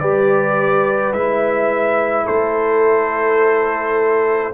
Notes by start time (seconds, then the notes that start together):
0.00 G3 G4 B4 D5
1.13 G#3 E4 E5
2.25 A3 A4 C5